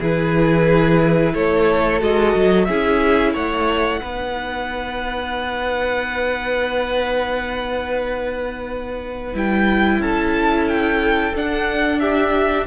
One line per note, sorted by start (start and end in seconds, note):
0.00 1.34 E3
0.00 2.00 E4
0.00 1.33 G#4
0.00 1.35 B4
1.34 2.02 A3
1.34 2.67 A4
1.34 2.01 C#5
2.00 2.35 G#3
2.00 2.66 F#4
2.00 2.65 D#5
2.36 2.68 F#3
2.65 3.35 C#4
2.65 4.01 E4
2.65 3.33 G#4
2.65 3.32 E5
3.33 4.01 A3
3.33 4.00 C#5
3.33 9.35 F#5
4.01 9.34 B3
4.01 9.34 D#4
4.01 10.01 B4
9.34 10.00 G3
9.34 11.34 E4
9.34 10.02 G5
10.00 11.33 C#4
10.00 12.00 A4
10.00 10.68 A5
10.68 11.35 G5
11.35 12.67 D4
11.35 12.00 F#5
12.00 12.66 G4
12.00 12.67 E5